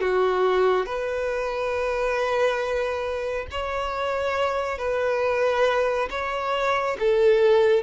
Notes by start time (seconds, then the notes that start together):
0.00 F#4
0.85 B4
3.51 C#5
4.78 B4
6.10 C#5
6.99 A4